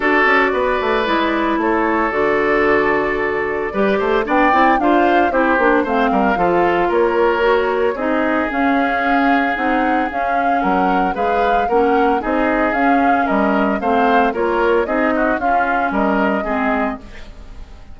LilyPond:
<<
  \new Staff \with { instrumentName = "flute" } { \time 4/4 \tempo 4 = 113 d''2. cis''4 | d''1 | g''4 f''4 c''4 f''4~ | f''4 cis''2 dis''4 |
f''2 fis''4 f''4 | fis''4 f''4 fis''4 dis''4 | f''4 dis''4 f''4 cis''4 | dis''4 f''4 dis''2 | }
  \new Staff \with { instrumentName = "oboe" } { \time 4/4 a'4 b'2 a'4~ | a'2. b'8 c''8 | d''4 c''4 g'4 c''8 ais'8 | a'4 ais'2 gis'4~ |
gis'1 | ais'4 b'4 ais'4 gis'4~ | gis'4 ais'4 c''4 ais'4 | gis'8 fis'8 f'4 ais'4 gis'4 | }
  \new Staff \with { instrumentName = "clarinet" } { \time 4/4 fis'2 e'2 | fis'2. g'4 | d'8 e'8 f'4 e'8 d'8 c'4 | f'2 fis'4 dis'4 |
cis'2 dis'4 cis'4~ | cis'4 gis'4 cis'4 dis'4 | cis'2 c'4 f'4 | dis'4 cis'2 c'4 | }
  \new Staff \with { instrumentName = "bassoon" } { \time 4/4 d'8 cis'8 b8 a8 gis4 a4 | d2. g8 a8 | b8 c'8 d'4 c'8 ais8 a8 g8 | f4 ais2 c'4 |
cis'2 c'4 cis'4 | fis4 gis4 ais4 c'4 | cis'4 g4 a4 ais4 | c'4 cis'4 g4 gis4 | }
>>